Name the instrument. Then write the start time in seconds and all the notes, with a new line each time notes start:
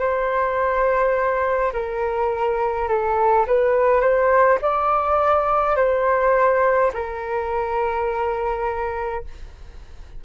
flute
0.00 C5
1.73 A#4
2.88 A4
3.47 B4
4.01 C5
4.62 D5
5.76 C5
6.94 A#4